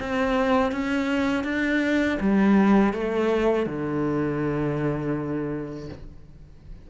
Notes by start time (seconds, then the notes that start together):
0.00 C4
0.72 C#4
1.44 D4
2.21 G3
2.94 A3
3.66 D3